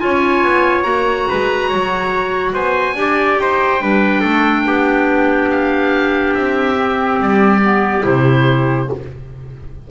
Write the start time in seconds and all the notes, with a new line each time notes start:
0.00 C#4 F4 C#5 G#5
0.44 B3
0.83 A#3 F#4 A#5
1.29 G#3 B4
1.69 F#3 C#5
2.53 B3 C5 G#5
2.95 D4 G4
3.01 D5
3.39 D#4 C5 G5
3.81 G3 D4 B4
4.21 A3 A4
4.66 B3 G4
5.51 F5
6.35 C4 E5
6.76 C4
7.20 G3 D5
7.63 B3
8.03 C3 E4 C5